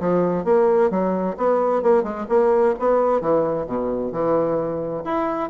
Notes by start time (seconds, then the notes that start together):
0.00 F3
0.45 A#3
0.90 F#3
1.37 B3
1.82 A#3
2.03 G#3
2.29 A#3
2.79 B3
3.21 E3
3.66 B2
4.12 E3
5.04 E4